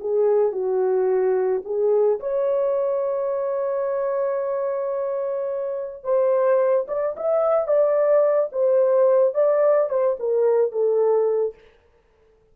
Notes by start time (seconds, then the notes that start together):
0.00 G#4
0.52 F#4
1.64 G#4
2.19 C#5
6.03 C5
6.87 D5
7.16 E5
7.67 D5
8.52 C5
9.34 D5
9.89 C5
10.19 A#4
10.71 A4